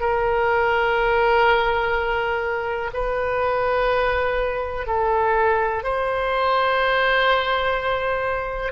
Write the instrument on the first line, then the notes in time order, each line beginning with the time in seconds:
oboe
0.00 A#4
2.93 B4
4.87 A4
5.83 C5